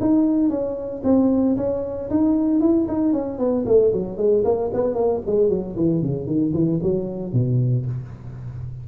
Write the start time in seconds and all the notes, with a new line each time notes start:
0.00 D#4
0.49 C#4
1.03 C4
1.57 C#4
2.10 D#4
2.60 E4
2.88 D#4
3.13 C#4
3.38 B3
3.66 A3
3.93 F#3
4.17 G#3
4.44 A#3
4.73 B3
4.94 A#3
5.26 G#3
5.49 F#3
5.76 E3
6.02 C#3
6.26 D#3
6.53 E3
6.82 F#3
7.33 B2